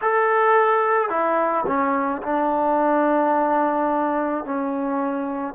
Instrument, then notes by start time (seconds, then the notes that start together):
trombone
0.02 A4
1.09 E4
1.66 C#4
2.22 D4
4.44 C#4